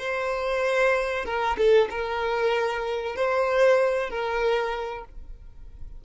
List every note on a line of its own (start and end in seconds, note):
0.00 1.25 C5
1.25 1.57 A#4
1.58 1.89 A4
1.91 3.16 A#4
3.16 4.10 C5
4.10 5.05 A#4